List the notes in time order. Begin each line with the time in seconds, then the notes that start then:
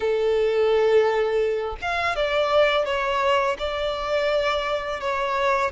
0.00 A4
1.81 F5
2.15 D5
2.85 C#5
3.58 D5
5.00 C#5